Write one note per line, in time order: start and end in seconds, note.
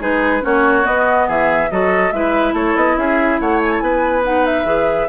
0.00 0.42 G#3
0.00 0.42 D#4
0.00 0.43 G#4
0.00 0.45 B4
0.42 0.86 A#3
0.42 0.83 C#4
0.42 1.28 F#4
0.42 0.87 C#5
0.83 1.68 B3
0.83 1.28 B3
0.83 1.29 D#5
1.28 1.71 E3
1.28 1.70 G#4
1.28 1.71 E5
1.71 2.12 F#3
1.71 2.13 F#4
1.71 2.14 A4
1.71 2.12 D#5
2.12 2.53 G#3
2.12 4.24 E4
2.12 2.54 B4
2.12 2.54 E5
2.53 2.74 A3
2.53 2.96 A4
2.53 2.77 C#5
2.76 2.97 B3
2.76 2.98 D#5
2.97 3.40 C#4
2.97 3.41 G#4
2.97 3.40 E5
3.40 3.82 A3
3.40 3.83 C#5
3.40 3.61 F#5
3.62 3.73 G#5
3.73 3.80 A5
3.80 4.65 B3
3.80 5.09 B4
3.80 4.22 G#5
4.24 4.66 D#4
4.24 4.46 F#5
4.46 5.09 E5
4.65 5.07 E3
4.65 5.08 G#4